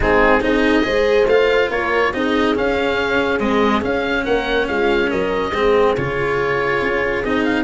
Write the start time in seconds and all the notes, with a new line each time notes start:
0.00 G#3 C4 D#4 G#4
0.40 C4 D#4 G#4 D#5
0.83 G#3 G#4 C5
1.25 A3 F4 F5
1.69 A#3 A#4 C#5
2.13 C4 D#4 G#4 D#5
2.55 C#4 F5
3.39 G#3 C4 D#5
3.81 C#4 F5
4.24 A#3 A#4 F#5
4.67 G#3 F4 F5
5.09 F#3 A#4 D#5
5.51 G#3 C4 G#4
5.97 C#3 F4 C#5
6.81 C#4
7.24 C4 D#4 D#5
7.44 F5